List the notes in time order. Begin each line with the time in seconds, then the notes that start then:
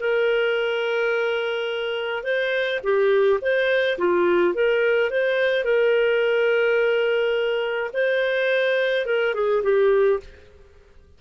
0.00 A#4
2.24 C5
2.84 G4
3.42 C5
3.99 F4
4.55 A#4
5.11 C5
5.65 A#4
7.94 C5
9.06 A#4
9.35 G#4
9.64 G4